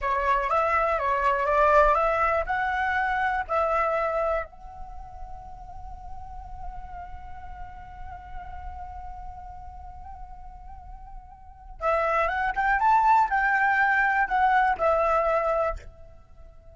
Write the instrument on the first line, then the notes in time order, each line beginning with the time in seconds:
flute
0.01 C#5
0.49 E5
0.98 C#5
1.46 D5
1.94 E5
2.46 F#5
3.47 E5
4.45 F#5
11.80 E5
12.27 F#5
12.55 G5
12.79 A5
13.29 G5
14.27 F#5
14.77 E5